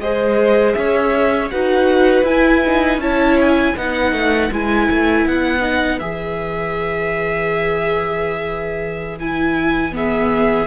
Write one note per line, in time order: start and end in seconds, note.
0.00 0.75 G#3
0.00 1.51 G#4
0.00 0.78 C5
0.00 0.73 D#5
0.73 1.52 C#4
0.73 1.52 C#5
0.73 1.48 E5
1.51 2.23 D#4
1.51 2.25 F#4
1.51 3.02 B4
1.51 2.26 F#5
2.23 2.97 E4
2.23 2.63 E4
2.23 3.01 G#5
2.67 3.01 D#4
2.97 3.72 C#4
2.97 3.76 E4
2.97 3.77 C#5
2.97 3.38 A5
3.41 3.78 G#5
3.77 4.12 B3
3.77 4.52 D#4
3.77 9.96 B4
3.77 4.53 F#5
4.12 4.50 A3
4.52 4.89 G#3
4.52 5.61 E4
4.52 5.28 G#5
4.90 5.26 A3
5.26 6.01 B3
5.26 6.00 F#5
5.61 5.99 D#4
6.00 10.67 E3
6.00 9.20 G#4
6.00 9.18 E5
9.20 9.92 E4
9.20 9.95 G#5
9.92 10.67 B3
9.92 10.67 G#4
9.92 10.67 E5